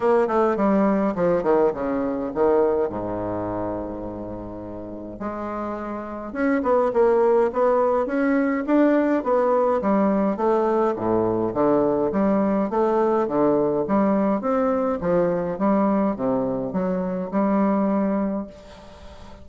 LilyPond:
\new Staff \with { instrumentName = "bassoon" } { \time 4/4 \tempo 4 = 104 ais8 a8 g4 f8 dis8 cis4 | dis4 gis,2.~ | gis,4 gis2 cis'8 b8 | ais4 b4 cis'4 d'4 |
b4 g4 a4 a,4 | d4 g4 a4 d4 | g4 c'4 f4 g4 | c4 fis4 g2 | }